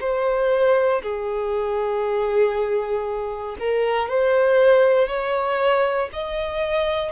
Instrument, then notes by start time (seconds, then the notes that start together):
violin
0.00 C5
1.02 G#4
3.59 A#4
4.09 C5
5.08 C#5
6.12 D#5